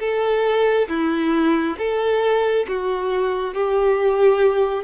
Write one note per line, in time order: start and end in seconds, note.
0.00 0.88 A4
0.89 1.77 E4
1.78 2.66 A4
2.68 3.54 F#4
3.54 4.84 G4